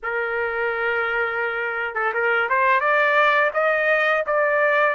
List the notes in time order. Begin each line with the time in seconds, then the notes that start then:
0.02 A#4
1.94 A4
2.13 A#4
2.49 C5
2.80 D5
3.53 D#5
4.26 D5